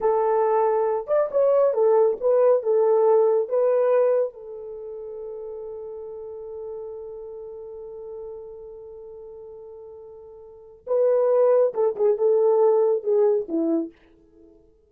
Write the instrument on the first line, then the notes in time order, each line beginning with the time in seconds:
horn
0.01 A4
1.07 D5
1.31 C#5
1.73 A4
2.20 B4
2.62 A4
3.49 B4
4.33 A4
10.86 B4
11.74 A4
11.96 G#4
12.17 A4
13.03 G#4
13.48 E4